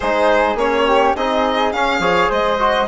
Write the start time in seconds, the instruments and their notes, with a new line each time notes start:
0.00 bassoon G#3, trombone D#4, flute G#4, violin C5
0.55 bassoon A#3, trombone C#4, violin C#5
0.86 flute G4
1.15 bassoon C4, trombone D#4, flute G#4, violin D#5
1.72 bassoon C#4, trombone C#4, violin F5
1.99 bassoon F3, trombone G#4, flute C#5
2.29 bassoon G#3, flute C5, violin D#5
2.58 trombone F#4